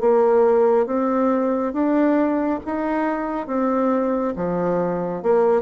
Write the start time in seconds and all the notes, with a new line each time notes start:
0.00 A#3
0.86 C4
1.73 D4
2.65 D#4
3.47 C4
4.36 F3
5.22 A#3